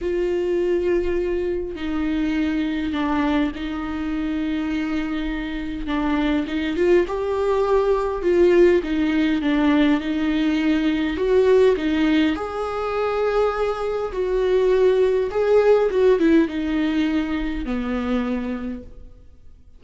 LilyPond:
\new Staff \with { instrumentName = "viola" } { \time 4/4 \tempo 4 = 102 f'2. dis'4~ | dis'4 d'4 dis'2~ | dis'2 d'4 dis'8 f'8 | g'2 f'4 dis'4 |
d'4 dis'2 fis'4 | dis'4 gis'2. | fis'2 gis'4 fis'8 e'8 | dis'2 b2 | }